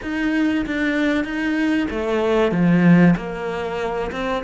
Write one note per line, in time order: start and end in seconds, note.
0.02 0.65 D#4
0.66 1.24 D4
1.24 1.87 D#4
1.90 2.51 A3
2.51 3.14 F3
3.16 4.11 A#3
4.11 4.43 C4